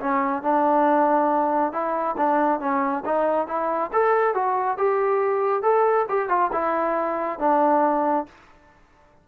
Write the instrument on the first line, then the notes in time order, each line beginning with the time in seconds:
trombone
0.00 C#4
0.42 D4
1.72 E4
2.17 D4
2.60 C#4
3.05 D#4
3.47 E4
3.93 A4
4.34 F#4
4.78 G4
5.63 A4
6.09 G4
6.29 F4
6.52 E4
7.39 D4